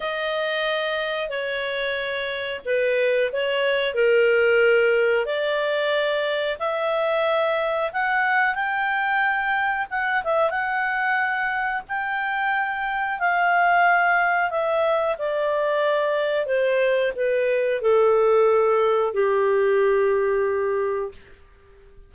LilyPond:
\new Staff \with { instrumentName = "clarinet" } { \time 4/4 \tempo 4 = 91 dis''2 cis''2 | b'4 cis''4 ais'2 | d''2 e''2 | fis''4 g''2 fis''8 e''8 |
fis''2 g''2 | f''2 e''4 d''4~ | d''4 c''4 b'4 a'4~ | a'4 g'2. | }